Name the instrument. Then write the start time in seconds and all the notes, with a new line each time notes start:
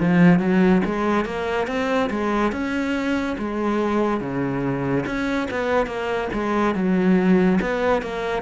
cello
0.00 F3
0.40 F#3
0.86 G#3
1.25 A#3
1.67 C4
2.10 G#3
2.52 C#4
3.38 G#3
4.21 C#3
5.06 C#4
5.51 B3
5.87 A#3
6.33 G#3
6.75 F#3
7.61 B3
8.02 A#3